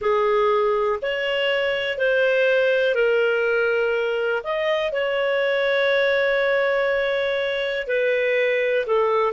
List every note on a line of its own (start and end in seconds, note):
0.01 0.99 G#4
1.01 1.98 C#5
1.98 2.94 C5
2.94 4.42 A#4
4.43 4.92 D#5
4.92 7.87 C#5
7.87 8.85 B4
8.86 9.32 A4